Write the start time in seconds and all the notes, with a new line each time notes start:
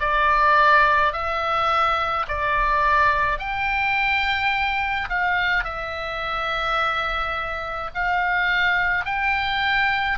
0.00 D5
1.13 E5
2.28 D5
3.39 G5
5.09 F5
5.64 E5
7.95 F5
9.06 G5